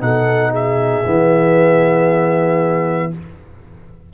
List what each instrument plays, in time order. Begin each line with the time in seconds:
0.00 tuba B2, trombone D#4, horn A4, trumpet F#5
0.51 horn G#4, trumpet E5
1.03 tuba E3, trombone B3